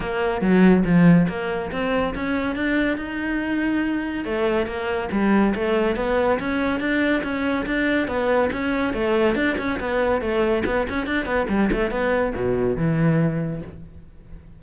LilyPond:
\new Staff \with { instrumentName = "cello" } { \time 4/4 \tempo 4 = 141 ais4 fis4 f4 ais4 | c'4 cis'4 d'4 dis'4~ | dis'2 a4 ais4 | g4 a4 b4 cis'4 |
d'4 cis'4 d'4 b4 | cis'4 a4 d'8 cis'8 b4 | a4 b8 cis'8 d'8 b8 g8 a8 | b4 b,4 e2 | }